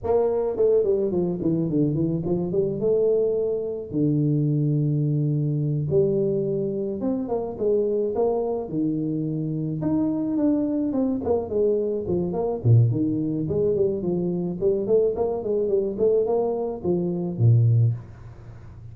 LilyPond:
\new Staff \with { instrumentName = "tuba" } { \time 4/4 \tempo 4 = 107 ais4 a8 g8 f8 e8 d8 e8 | f8 g8 a2 d4~ | d2~ d8 g4.~ | g8 c'8 ais8 gis4 ais4 dis8~ |
dis4. dis'4 d'4 c'8 | ais8 gis4 f8 ais8 ais,8 dis4 | gis8 g8 f4 g8 a8 ais8 gis8 | g8 a8 ais4 f4 ais,4 | }